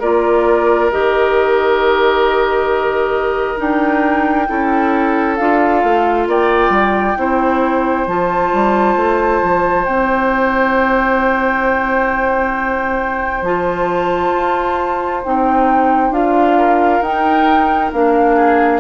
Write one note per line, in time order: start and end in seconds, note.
0.00 0.90 A#3
0.00 0.91 F4
0.00 4.48 A#4
0.00 0.91 D5
0.91 3.59 D#3
0.91 3.56 G4
0.91 3.60 D#5
3.56 4.48 D4
3.56 4.46 D#4
3.56 5.36 G5
4.47 5.39 C#4
4.47 5.37 E4
4.47 6.28 A4
5.36 5.83 D4
5.36 7.17 F4
5.36 6.26 F5
5.83 6.27 A3
6.27 6.69 A#3
6.27 7.18 D5
6.27 8.07 G5
6.69 7.14 G3
7.17 8.07 C4
7.17 8.06 E4
7.17 16.58 C5
8.07 8.51 F3
8.07 9.86 F4
8.07 9.85 A5
8.53 8.96 G3
8.96 9.41 A3
9.43 9.87 F3
9.85 13.41 C4
9.85 13.45 E4
9.85 13.43 G5
13.41 14.31 F3
13.41 15.24 F4
13.41 15.23 A5
14.33 15.23 F4
15.24 16.10 C4
15.24 16.12 D#4
15.24 16.13 G5
16.10 17.00 D4
16.10 17.02 F4
16.10 17.02 F5
16.58 18.35 A#4
17.01 17.91 D#4
17.01 17.93 D#4
17.01 17.91 G5
17.93 18.80 A#3
17.93 18.80 D4
17.93 18.80 F5
18.35 18.80 G#4